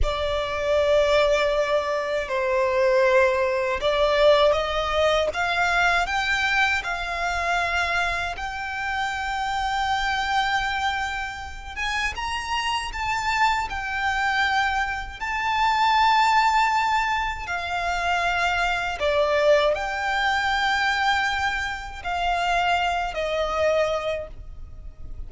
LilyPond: \new Staff \with { instrumentName = "violin" } { \time 4/4 \tempo 4 = 79 d''2. c''4~ | c''4 d''4 dis''4 f''4 | g''4 f''2 g''4~ | g''2.~ g''8 gis''8 |
ais''4 a''4 g''2 | a''2. f''4~ | f''4 d''4 g''2~ | g''4 f''4. dis''4. | }